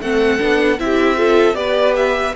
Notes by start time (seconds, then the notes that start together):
0.00 A3 C4 A4 F#5
0.39 B3 D4
0.79 C4 E4 G4 E5
1.17 F4 A4
1.54 B3 G4 B4 D5
1.96 E5